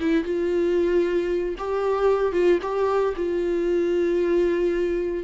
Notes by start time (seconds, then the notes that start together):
0.00 E4
0.24 F4
1.58 G4
2.33 F4
2.62 G4
3.16 F4